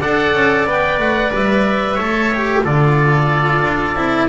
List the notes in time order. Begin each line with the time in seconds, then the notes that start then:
0.00 D4 A4 D5 F#5
0.33 C#4
0.66 B3 B4 G5
0.98 A3 F#5
1.34 G3 E5
1.94 A3 A4 C#5
2.34 G4
2.63 D3 F4 A4 D5
3.62 D4
3.95 C4 E4